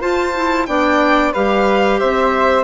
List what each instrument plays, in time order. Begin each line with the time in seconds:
0.00 clarinet F4, bassoon F4, flute C5, violin A5
0.35 clarinet E4
0.66 bassoon B3, clarinet D4, flute D5, violin G5
1.32 bassoon G3, clarinet G4, flute B4, violin F5
1.99 bassoon C4, flute C5, violin E5